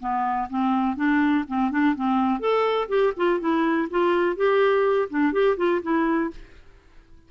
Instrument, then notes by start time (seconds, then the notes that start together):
clarinet
0.00 B3
0.50 C4
0.97 D4
1.48 C4
1.71 D4
1.96 C4
2.40 A4
2.89 G4
3.17 F4
3.40 E4
3.90 F4
4.36 G4
5.10 D4
5.33 G4
5.58 F4
5.83 E4